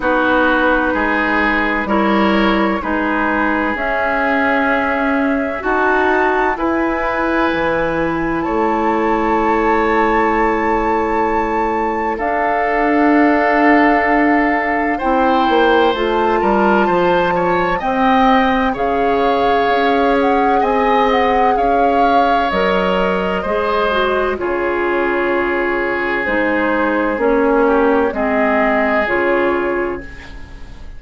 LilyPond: <<
  \new Staff \with { instrumentName = "flute" } { \time 4/4 \tempo 4 = 64 b'2 cis''4 b'4 | e''2 a''4 gis''4~ | gis''4 a''2.~ | a''4 f''2. |
g''4 a''2 g''4 | f''4. fis''8 gis''8 fis''8 f''4 | dis''2 cis''2 | c''4 cis''4 dis''4 cis''4 | }
  \new Staff \with { instrumentName = "oboe" } { \time 4/4 fis'4 gis'4 ais'4 gis'4~ | gis'2 fis'4 b'4~ | b'4 cis''2.~ | cis''4 a'2. |
c''4. ais'8 c''8 cis''8 dis''4 | cis''2 dis''4 cis''4~ | cis''4 c''4 gis'2~ | gis'4. g'8 gis'2 | }
  \new Staff \with { instrumentName = "clarinet" } { \time 4/4 dis'2 e'4 dis'4 | cis'2 fis'4 e'4~ | e'1~ | e'4 d'2. |
e'4 f'2 c'4 | gis'1 | ais'4 gis'8 fis'8 f'2 | dis'4 cis'4 c'4 f'4 | }
  \new Staff \with { instrumentName = "bassoon" } { \time 4/4 b4 gis4 g4 gis4 | cis'2 dis'4 e'4 | e4 a2.~ | a4 d'2. |
c'8 ais8 a8 g8 f4 c'4 | cis4 cis'4 c'4 cis'4 | fis4 gis4 cis2 | gis4 ais4 gis4 cis4 | }
>>